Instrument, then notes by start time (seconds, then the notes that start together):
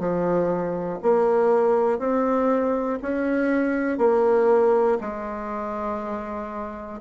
bassoon
0.00 F3
1.03 A#3
2.00 C4
3.03 C#4
3.99 A#3
5.01 G#3